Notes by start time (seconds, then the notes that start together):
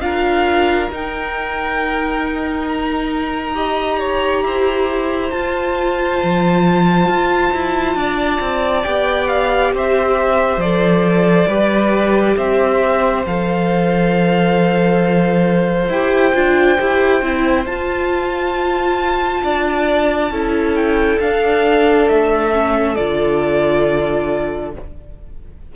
0.00 D4 F4 A#4 F5
0.92 D#4 G5
2.68 A#5
3.55 G4 D#5
3.99 C#5
4.43 E4 C5
5.31 F4 A5
6.23 F3
7.07 F4
7.53 E4
7.95 D4 D5
8.41 C4
8.83 B3 G4 G5
9.27 F5
9.73 C4 C5 E5
10.57 F3 A4 D5
11.48 G3 G4 B4
12.37 C4 C5 E5
13.26 F3 A4 F5
15.89 E4 G4 G5
16.34 D4 F4
16.80 E4 G4
17.22 C4 E4
17.65 F4 A5
19.44 D4 D5
20.30 C#4 E4 A4
20.75 G5
21.20 D4 F5
22.08 A3 E5
22.52 C#4
22.95 D3 F4 D5